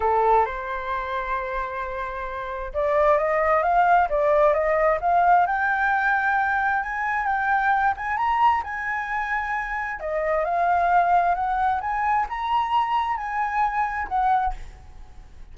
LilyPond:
\new Staff \with { instrumentName = "flute" } { \time 4/4 \tempo 4 = 132 a'4 c''2.~ | c''2 d''4 dis''4 | f''4 d''4 dis''4 f''4 | g''2. gis''4 |
g''4. gis''8 ais''4 gis''4~ | gis''2 dis''4 f''4~ | f''4 fis''4 gis''4 ais''4~ | ais''4 gis''2 fis''4 | }